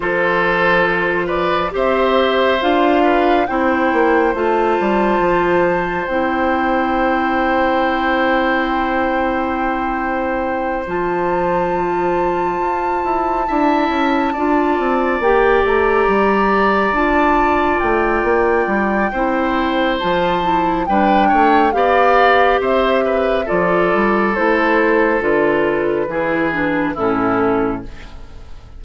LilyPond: <<
  \new Staff \with { instrumentName = "flute" } { \time 4/4 \tempo 4 = 69 c''4. d''8 e''4 f''4 | g''4 a''2 g''4~ | g''1~ | g''8 a''2.~ a''8~ |
a''4. g''8 ais''4. a''8~ | a''8 g''2~ g''8 a''4 | g''4 f''4 e''4 d''4 | c''4 b'2 a'4 | }
  \new Staff \with { instrumentName = "oboe" } { \time 4/4 a'4. b'8 c''4. b'8 | c''1~ | c''1~ | c''2.~ c''8 e''8~ |
e''8 d''2.~ d''8~ | d''2 c''2 | b'8 cis''8 d''4 c''8 b'8 a'4~ | a'2 gis'4 e'4 | }
  \new Staff \with { instrumentName = "clarinet" } { \time 4/4 f'2 g'4 f'4 | e'4 f'2 e'4~ | e'1~ | e'8 f'2. e'8~ |
e'8 f'4 g'2 f'8~ | f'2 e'4 f'8 e'8 | d'4 g'2 f'4 | e'4 f'4 e'8 d'8 cis'4 | }
  \new Staff \with { instrumentName = "bassoon" } { \time 4/4 f2 c'4 d'4 | c'8 ais8 a8 g8 f4 c'4~ | c'1~ | c'8 f2 f'8 e'8 d'8 |
cis'8 d'8 c'8 ais8 a8 g4 d'8~ | d'8 a8 ais8 g8 c'4 f4 | g8 a8 b4 c'4 f8 g8 | a4 d4 e4 a,4 | }
>>